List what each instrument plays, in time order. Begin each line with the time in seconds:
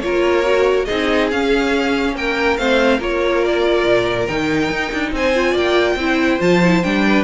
0.00 cello A#3, viola F4, violin A#4 C#5
0.43 viola F#4
0.85 cello C4, viola D#4, violin G#4 D#5
1.31 cello C#4, viola C#4, violin F5
2.15 cello A#3, violin A#4 G5
2.57 cello A3, viola C4, violin C5 F5
2.97 cello A#3, viola F4, violin A#4 C#5
3.44 violin D5
3.85 cello A#2
4.27 cello D#3, viola D#4, violin G5
4.70 cello D#4
4.92 cello D4
5.12 cello C4, violin C5 G#5
5.34 viola F4
5.51 cello A#3, violin D5 G5
5.96 cello C4, viola E4, violin C5
6.39 cello F3, viola F4, violin A5
6.63 viola E4
6.83 cello G3, viola D4, violin G5
7.06 violin B4